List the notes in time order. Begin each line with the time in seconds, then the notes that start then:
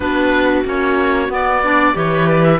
0.00 B3 D4 F#4 B4
0.65 A#3 C#4 C#5
1.28 B3 D5
1.63 D4 D5
1.93 E3 G4 B4 C#5
2.28 D5
2.43 E5